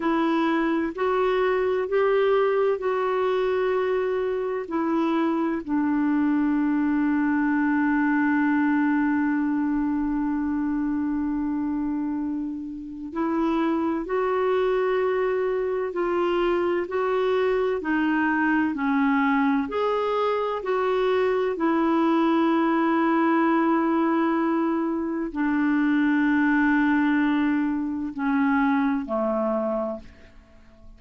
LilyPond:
\new Staff \with { instrumentName = "clarinet" } { \time 4/4 \tempo 4 = 64 e'4 fis'4 g'4 fis'4~ | fis'4 e'4 d'2~ | d'1~ | d'2 e'4 fis'4~ |
fis'4 f'4 fis'4 dis'4 | cis'4 gis'4 fis'4 e'4~ | e'2. d'4~ | d'2 cis'4 a4 | }